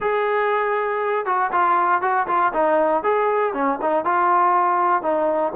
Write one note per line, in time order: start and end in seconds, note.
0.00 1.25 G#4
1.25 1.50 F#4
1.51 2.01 F4
2.01 2.26 F#4
2.27 2.52 F4
2.53 3.03 D#4
3.03 3.53 G#4
3.53 3.78 C#4
3.81 4.05 D#4
4.05 5.02 F4
5.02 5.52 D#4